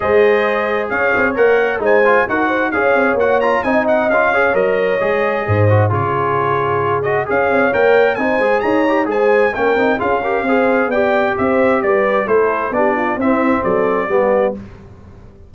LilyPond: <<
  \new Staff \with { instrumentName = "trumpet" } { \time 4/4 \tempo 4 = 132 dis''2 f''4 fis''4 | gis''4 fis''4 f''4 fis''8 ais''8 | gis''8 fis''8 f''4 dis''2~ | dis''4 cis''2~ cis''8 dis''8 |
f''4 g''4 gis''4 ais''4 | gis''4 g''4 f''2 | g''4 e''4 d''4 c''4 | d''4 e''4 d''2 | }
  \new Staff \with { instrumentName = "horn" } { \time 4/4 c''2 cis''2 | c''4 ais'8 c''8 cis''2 | dis''4. cis''2~ cis''8 | c''4 gis'2. |
cis''2 c''4 cis''4 | c''4 ais'4 gis'8 ais'8 c''4 | d''4 c''4 b'4 a'4 | g'8 f'8 e'4 a'4 g'4 | }
  \new Staff \with { instrumentName = "trombone" } { \time 4/4 gis'2. ais'4 | dis'8 f'8 fis'4 gis'4 fis'8 f'8 | dis'4 f'8 gis'8 ais'4 gis'4~ | gis'8 fis'8 f'2~ f'8 fis'8 |
gis'4 ais'4 dis'8 gis'4 g'8 | gis'4 cis'8 dis'8 f'8 g'8 gis'4 | g'2. e'4 | d'4 c'2 b4 | }
  \new Staff \with { instrumentName = "tuba" } { \time 4/4 gis2 cis'8 c'8 ais4 | gis4 dis'4 cis'8 c'8 ais4 | c'4 cis'4 fis4 gis4 | gis,4 cis2. |
cis'8 c'8 ais4 c'8 gis8 dis'4 | gis4 ais8 c'8 cis'4 c'4 | b4 c'4 g4 a4 | b4 c'4 fis4 g4 | }
>>